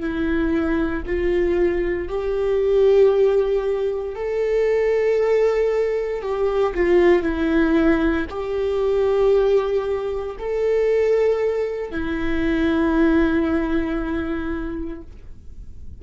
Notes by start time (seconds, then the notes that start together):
0.00 E4
1.06 F4
2.08 G4
4.15 A4
6.22 G4
6.74 F4
7.23 E4
8.30 G4
10.39 A4
11.91 E4